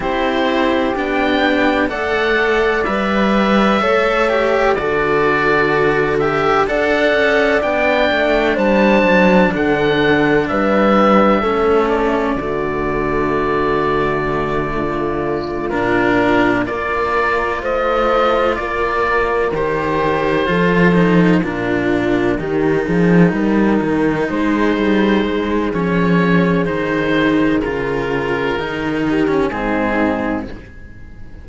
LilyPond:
<<
  \new Staff \with { instrumentName = "oboe" } { \time 4/4 \tempo 4 = 63 c''4 g''4 fis''4 e''4~ | e''4 d''4. e''8 fis''4 | g''4 a''4 fis''4 e''4~ | e''8 d''2.~ d''8~ |
d''8 ais'4 d''4 dis''4 d''8~ | d''8 c''2 ais'4.~ | ais'4. c''4. cis''4 | c''4 ais'2 gis'4 | }
  \new Staff \with { instrumentName = "horn" } { \time 4/4 g'2 d''2 | cis''4 a'2 d''4~ | d''4 c''4 a'4 b'4 | a'4 fis'2~ fis'8 f'8~ |
f'4. ais'4 c''4 ais'8~ | ais'4. a'4 f'4 g'8 | gis'8 ais'4 gis'2~ gis'8~ | gis'2~ gis'8 g'8 dis'4 | }
  \new Staff \with { instrumentName = "cello" } { \time 4/4 e'4 d'4 a'4 b'4 | a'8 g'8 fis'4. g'8 a'4 | d'1 | cis'4 a2.~ |
a8 d'4 f'2~ f'8~ | f'8 g'4 f'8 dis'8 d'4 dis'8~ | dis'2. cis'4 | dis'4 f'4 dis'8. cis'16 c'4 | }
  \new Staff \with { instrumentName = "cello" } { \time 4/4 c'4 b4 a4 g4 | a4 d2 d'8 cis'8 | b8 a8 g8 fis8 d4 g4 | a4 d2.~ |
d8 ais,4 ais4 a4 ais8~ | ais8 dis4 f4 ais,4 dis8 | f8 g8 dis8 gis8 g8 gis8 f4 | dis4 cis4 dis4 gis,4 | }
>>